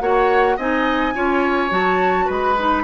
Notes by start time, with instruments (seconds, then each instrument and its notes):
0.00 bassoon A#3, clarinet F#4, oboe C#5, flute F#5
0.57 bassoon C4, clarinet D#4, oboe D#5, flute G#5
1.14 bassoon C#4, clarinet F4, oboe C#5
1.69 bassoon F#3, clarinet F#4, flute A5
2.25 bassoon G#3, oboe B4
2.31 flute B5
2.58 clarinet D#4